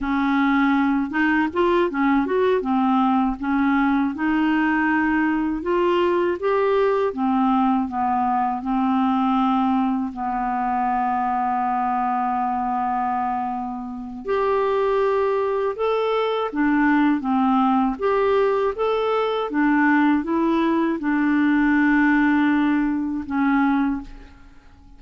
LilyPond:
\new Staff \with { instrumentName = "clarinet" } { \time 4/4 \tempo 4 = 80 cis'4. dis'8 f'8 cis'8 fis'8 c'8~ | c'8 cis'4 dis'2 f'8~ | f'8 g'4 c'4 b4 c'8~ | c'4. b2~ b8~ |
b2. g'4~ | g'4 a'4 d'4 c'4 | g'4 a'4 d'4 e'4 | d'2. cis'4 | }